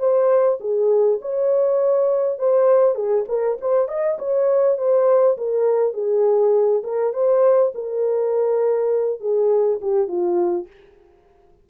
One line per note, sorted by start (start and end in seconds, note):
0.00 0.59 C5
0.61 1.20 G#4
1.22 2.39 C#5
2.39 2.96 C5
2.96 3.25 G#4
3.29 3.58 A#4
3.61 3.89 C5
3.89 4.18 D#5
4.19 4.78 C#5
4.78 5.38 C5
5.38 5.94 A#4
5.94 6.83 G#4
6.84 7.14 A#4
7.14 7.73 C5
7.75 9.21 A#4
9.21 9.80 G#4
9.82 10.08 G4
10.08 10.68 F4